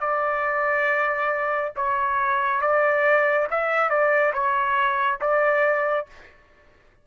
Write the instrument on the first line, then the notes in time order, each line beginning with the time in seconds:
trumpet
0.00 D5
1.76 C#5
2.61 D5
3.50 E5
3.89 D5
4.33 C#5
5.21 D5